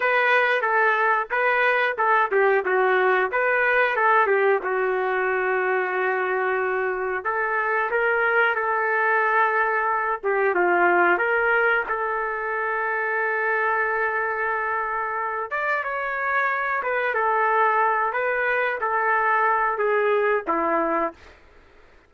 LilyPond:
\new Staff \with { instrumentName = "trumpet" } { \time 4/4 \tempo 4 = 91 b'4 a'4 b'4 a'8 g'8 | fis'4 b'4 a'8 g'8 fis'4~ | fis'2. a'4 | ais'4 a'2~ a'8 g'8 |
f'4 ais'4 a'2~ | a'2.~ a'8 d''8 | cis''4. b'8 a'4. b'8~ | b'8 a'4. gis'4 e'4 | }